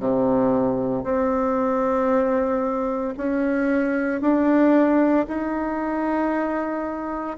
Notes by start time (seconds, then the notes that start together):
0.00 C3
1.04 C4
3.17 C#4
4.22 D4
5.28 D#4